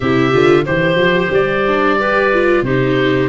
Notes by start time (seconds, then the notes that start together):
0.00 C3 E4 G4 E5
0.32 D3 F4
0.65 E3 G4 C5
0.95 F3
1.30 G3 D5
1.67 D4
1.99 G4 B4
2.33 F4
2.62 C3 D#4 G4 C5